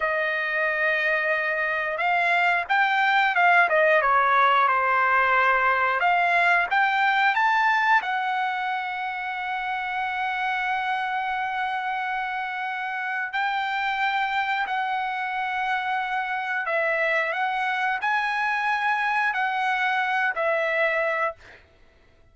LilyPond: \new Staff \with { instrumentName = "trumpet" } { \time 4/4 \tempo 4 = 90 dis''2. f''4 | g''4 f''8 dis''8 cis''4 c''4~ | c''4 f''4 g''4 a''4 | fis''1~ |
fis''1 | g''2 fis''2~ | fis''4 e''4 fis''4 gis''4~ | gis''4 fis''4. e''4. | }